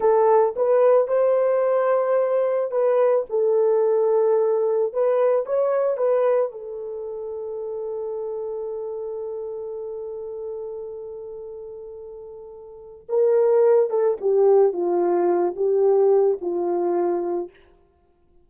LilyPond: \new Staff \with { instrumentName = "horn" } { \time 4/4 \tempo 4 = 110 a'4 b'4 c''2~ | c''4 b'4 a'2~ | a'4 b'4 cis''4 b'4 | a'1~ |
a'1~ | a'1 | ais'4. a'8 g'4 f'4~ | f'8 g'4. f'2 | }